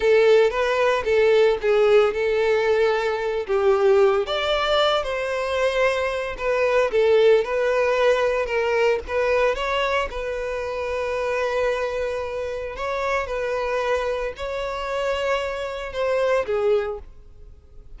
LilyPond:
\new Staff \with { instrumentName = "violin" } { \time 4/4 \tempo 4 = 113 a'4 b'4 a'4 gis'4 | a'2~ a'8 g'4. | d''4. c''2~ c''8 | b'4 a'4 b'2 |
ais'4 b'4 cis''4 b'4~ | b'1 | cis''4 b'2 cis''4~ | cis''2 c''4 gis'4 | }